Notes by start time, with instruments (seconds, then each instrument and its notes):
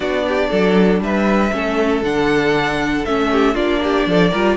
0.00 cello B3, viola D4, violin F#4 D5
0.27 violin G4
0.49 cello F#3, violin A4
1.00 cello G3, violin B4 E5
1.51 cello A3, viola C#4, violin A4
2.02 cello D3, viola D4, violin F#5
3.05 cello A3, viola C#4, violin E5
3.31 violin G4
3.54 cello A#3, viola D4, violin F4 D5
3.83 violin G4
4.06 cello F3, violin A4
4.31 cello G3, viola F4, violin A#4